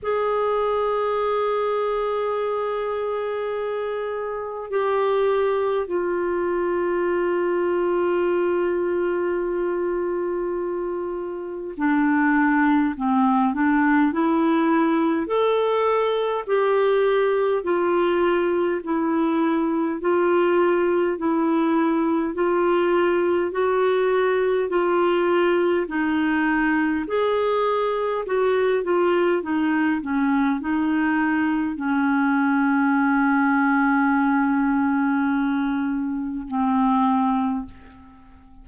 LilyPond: \new Staff \with { instrumentName = "clarinet" } { \time 4/4 \tempo 4 = 51 gis'1 | g'4 f'2.~ | f'2 d'4 c'8 d'8 | e'4 a'4 g'4 f'4 |
e'4 f'4 e'4 f'4 | fis'4 f'4 dis'4 gis'4 | fis'8 f'8 dis'8 cis'8 dis'4 cis'4~ | cis'2. c'4 | }